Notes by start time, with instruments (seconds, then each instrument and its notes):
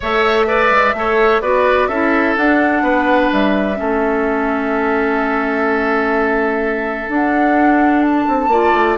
0.00 bassoon A3, clarinet A4, oboe C#5, flute E5
0.47 clarinet B4, oboe D5
0.70 bassoon G#3
0.93 bassoon A3, clarinet A4, oboe C#5
1.41 bassoon B3, clarinet F#4, oboe B4, flute D5
1.87 bassoon C#4, clarinet E4, oboe A4, flute E5
2.36 bassoon D4, clarinet D4, flute F#5
2.82 bassoon B3, oboe B4
3.32 bassoon G3, flute E5
3.75 bassoon A3, clarinet C#4, oboe A4
7.08 bassoon D4, clarinet D4, flute F#5
8.02 flute A5
8.28 bassoon C4
8.47 bassoon A#3, clarinet F4, oboe D5
8.74 bassoon A3